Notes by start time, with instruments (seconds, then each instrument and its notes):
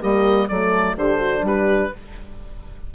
0.00 bassoon G3, horn A#3 G4, oboe D#5
0.48 bassoon F#3, horn A3 A4, oboe D5
0.96 bassoon D3, horn D4 G4, oboe C5
1.18 horn F#4
1.42 bassoon G3, horn G4, oboe B4